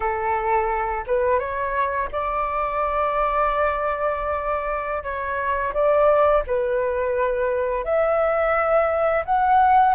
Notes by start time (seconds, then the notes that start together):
0.00 A4
1.06 B4
1.39 C#5
2.12 D5
5.03 C#5
5.73 D5
6.46 B4
7.84 E5
9.25 F#5